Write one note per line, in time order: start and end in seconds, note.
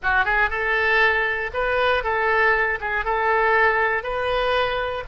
0.03 0.25 F#4
0.25 0.50 G#4
0.50 1.51 A4
1.53 2.03 B4
2.03 2.79 A4
2.80 3.04 G#4
3.04 4.03 A4
4.03 5.04 B4